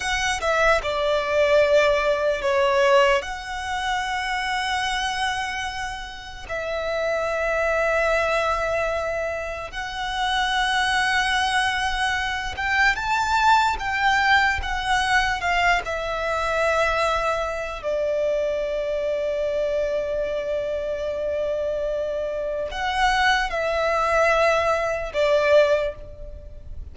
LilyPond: \new Staff \with { instrumentName = "violin" } { \time 4/4 \tempo 4 = 74 fis''8 e''8 d''2 cis''4 | fis''1 | e''1 | fis''2.~ fis''8 g''8 |
a''4 g''4 fis''4 f''8 e''8~ | e''2 d''2~ | d''1 | fis''4 e''2 d''4 | }